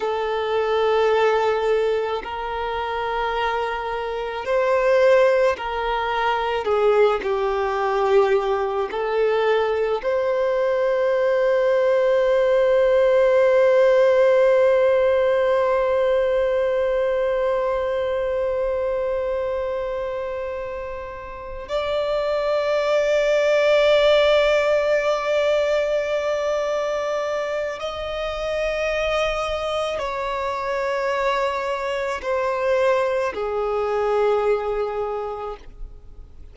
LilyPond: \new Staff \with { instrumentName = "violin" } { \time 4/4 \tempo 4 = 54 a'2 ais'2 | c''4 ais'4 gis'8 g'4. | a'4 c''2.~ | c''1~ |
c''2.~ c''8 d''8~ | d''1~ | d''4 dis''2 cis''4~ | cis''4 c''4 gis'2 | }